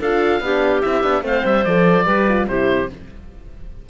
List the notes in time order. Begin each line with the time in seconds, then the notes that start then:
0.00 D4 F4 A4 F5
0.40 B3 D4 G4
0.82 C4 E4 E5
1.03 B3 D4
1.22 A3 C4 C5 F5
1.45 G3 E5
1.65 F3 A4 D5
2.06 G3 G4 B4
2.29 F4
2.48 C3 E4 G4 C5